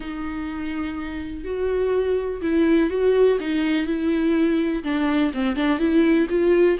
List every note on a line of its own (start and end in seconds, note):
0.00 1.44 D#4
1.44 2.41 F#4
2.41 2.89 E4
2.89 3.38 F#4
3.40 3.86 D#4
3.86 4.83 E4
4.83 5.32 D4
5.33 5.55 C4
5.55 5.78 D4
5.78 6.27 E4
6.29 6.77 F4